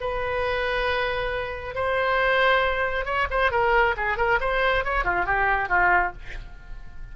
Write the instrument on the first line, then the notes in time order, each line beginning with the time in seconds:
oboe
0.00 B4
1.74 C5
3.05 C#5
3.30 C5
3.51 A#4
3.97 G#4
4.17 A#4
4.40 C5
4.84 C#5
5.04 F4
5.25 G4
5.68 F4